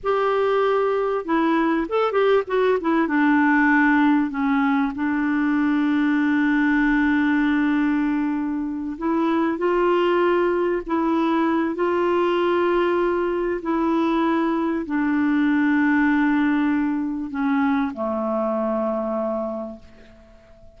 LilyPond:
\new Staff \with { instrumentName = "clarinet" } { \time 4/4 \tempo 4 = 97 g'2 e'4 a'8 g'8 | fis'8 e'8 d'2 cis'4 | d'1~ | d'2~ d'8 e'4 f'8~ |
f'4. e'4. f'4~ | f'2 e'2 | d'1 | cis'4 a2. | }